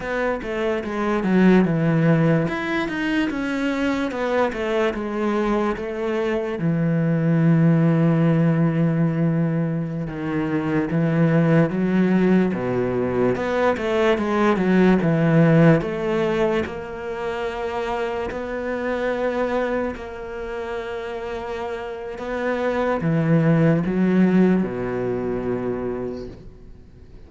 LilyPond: \new Staff \with { instrumentName = "cello" } { \time 4/4 \tempo 4 = 73 b8 a8 gis8 fis8 e4 e'8 dis'8 | cis'4 b8 a8 gis4 a4 | e1~ | e16 dis4 e4 fis4 b,8.~ |
b,16 b8 a8 gis8 fis8 e4 a8.~ | a16 ais2 b4.~ b16~ | b16 ais2~ ais8. b4 | e4 fis4 b,2 | }